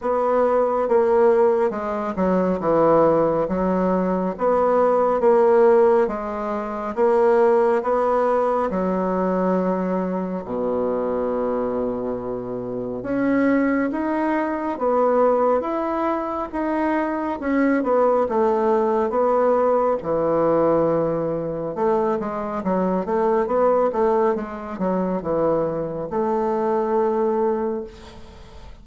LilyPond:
\new Staff \with { instrumentName = "bassoon" } { \time 4/4 \tempo 4 = 69 b4 ais4 gis8 fis8 e4 | fis4 b4 ais4 gis4 | ais4 b4 fis2 | b,2. cis'4 |
dis'4 b4 e'4 dis'4 | cis'8 b8 a4 b4 e4~ | e4 a8 gis8 fis8 a8 b8 a8 | gis8 fis8 e4 a2 | }